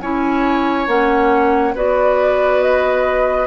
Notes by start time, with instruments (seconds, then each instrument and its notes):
0.00 bassoon C#4, clarinet E4, oboe C#5, flute G#5
0.86 bassoon A#3, clarinet C#4, flute F#5
1.74 bassoon B3, clarinet F#4, oboe B4, flute D5
2.61 flute D#5